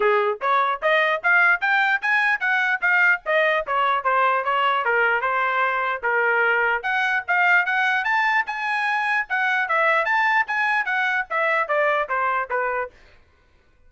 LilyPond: \new Staff \with { instrumentName = "trumpet" } { \time 4/4 \tempo 4 = 149 gis'4 cis''4 dis''4 f''4 | g''4 gis''4 fis''4 f''4 | dis''4 cis''4 c''4 cis''4 | ais'4 c''2 ais'4~ |
ais'4 fis''4 f''4 fis''4 | a''4 gis''2 fis''4 | e''4 a''4 gis''4 fis''4 | e''4 d''4 c''4 b'4 | }